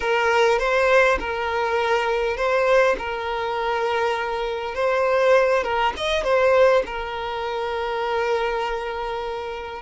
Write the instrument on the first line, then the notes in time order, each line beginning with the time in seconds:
violin
0.00 A#4
0.59 C5
1.19 A#4
2.36 C5
2.98 A#4
4.74 C5
5.63 A#4
5.96 D#5
6.23 C5
6.86 A#4